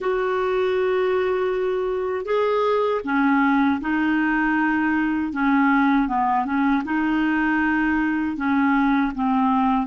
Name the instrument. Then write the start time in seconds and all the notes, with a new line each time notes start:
clarinet
0.00 F#4
2.25 G#4
3.04 C#4
3.80 D#4
5.32 C#4
6.08 B3
6.45 C#4
6.84 D#4
8.36 C#4
9.14 C4